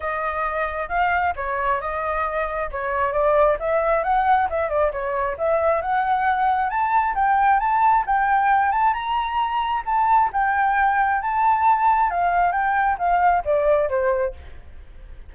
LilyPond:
\new Staff \with { instrumentName = "flute" } { \time 4/4 \tempo 4 = 134 dis''2 f''4 cis''4 | dis''2 cis''4 d''4 | e''4 fis''4 e''8 d''8 cis''4 | e''4 fis''2 a''4 |
g''4 a''4 g''4. a''8 | ais''2 a''4 g''4~ | g''4 a''2 f''4 | g''4 f''4 d''4 c''4 | }